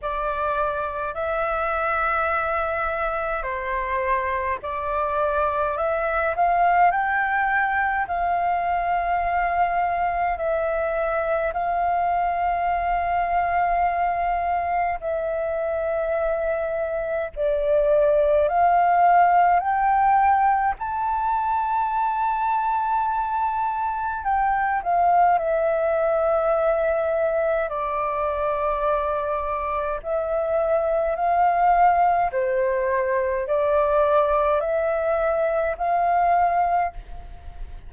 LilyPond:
\new Staff \with { instrumentName = "flute" } { \time 4/4 \tempo 4 = 52 d''4 e''2 c''4 | d''4 e''8 f''8 g''4 f''4~ | f''4 e''4 f''2~ | f''4 e''2 d''4 |
f''4 g''4 a''2~ | a''4 g''8 f''8 e''2 | d''2 e''4 f''4 | c''4 d''4 e''4 f''4 | }